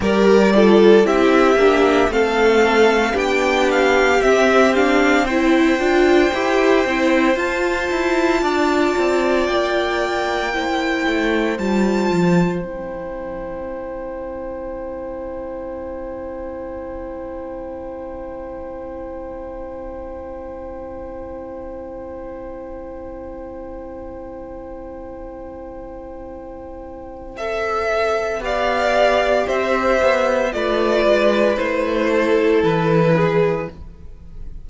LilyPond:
<<
  \new Staff \with { instrumentName = "violin" } { \time 4/4 \tempo 4 = 57 d''4 e''4 f''4 g''8 f''8 | e''8 f''8 g''2 a''4~ | a''4 g''2 a''4 | g''1~ |
g''1~ | g''1~ | g''2 e''4 f''4 | e''4 d''4 c''4 b'4 | }
  \new Staff \with { instrumentName = "violin" } { \time 4/4 ais'8 a'8 g'4 a'4 g'4~ | g'4 c''2. | d''2 c''2~ | c''1~ |
c''1~ | c''1~ | c''2. d''4 | c''4 b'4. a'4 gis'8 | }
  \new Staff \with { instrumentName = "viola" } { \time 4/4 g'8 f'8 e'8 d'8 c'4 d'4 | c'8 d'8 e'8 f'8 g'8 e'8 f'4~ | f'2 e'4 f'4 | e'1~ |
e'1~ | e'1~ | e'2 a'4 g'4~ | g'4 f'4 e'2 | }
  \new Staff \with { instrumentName = "cello" } { \time 4/4 g4 c'8 ais8 a4 b4 | c'4. d'8 e'8 c'8 f'8 e'8 | d'8 c'8 ais4. a8 g8 f8 | c'1~ |
c'1~ | c'1~ | c'2. b4 | c'8 b8 a8 gis8 a4 e4 | }
>>